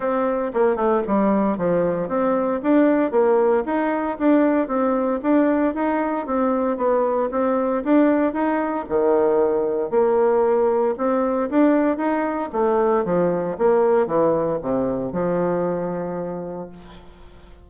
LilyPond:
\new Staff \with { instrumentName = "bassoon" } { \time 4/4 \tempo 4 = 115 c'4 ais8 a8 g4 f4 | c'4 d'4 ais4 dis'4 | d'4 c'4 d'4 dis'4 | c'4 b4 c'4 d'4 |
dis'4 dis2 ais4~ | ais4 c'4 d'4 dis'4 | a4 f4 ais4 e4 | c4 f2. | }